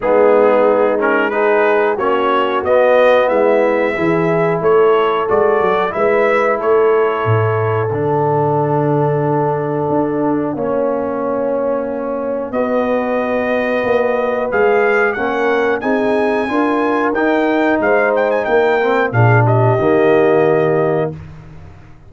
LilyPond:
<<
  \new Staff \with { instrumentName = "trumpet" } { \time 4/4 \tempo 4 = 91 gis'4. ais'8 b'4 cis''4 | dis''4 e''2 cis''4 | d''4 e''4 cis''2 | fis''1~ |
fis''2. dis''4~ | dis''2 f''4 fis''4 | gis''2 g''4 f''8 g''16 gis''16 | g''4 f''8 dis''2~ dis''8 | }
  \new Staff \with { instrumentName = "horn" } { \time 4/4 dis'2 gis'4 fis'4~ | fis'4 e'4 gis'4 a'4~ | a'4 b'4 a'2~ | a'1 |
cis''2. b'4~ | b'2. ais'4 | gis'4 ais'2 c''4 | ais'4 gis'8 g'2~ g'8 | }
  \new Staff \with { instrumentName = "trombone" } { \time 4/4 b4. cis'8 dis'4 cis'4 | b2 e'2 | fis'4 e'2. | d'1 |
cis'2. fis'4~ | fis'2 gis'4 cis'4 | dis'4 f'4 dis'2~ | dis'8 c'8 d'4 ais2 | }
  \new Staff \with { instrumentName = "tuba" } { \time 4/4 gis2. ais4 | b4 gis4 e4 a4 | gis8 fis8 gis4 a4 a,4 | d2. d'4 |
ais2. b4~ | b4 ais4 gis4 ais4 | c'4 d'4 dis'4 gis4 | ais4 ais,4 dis2 | }
>>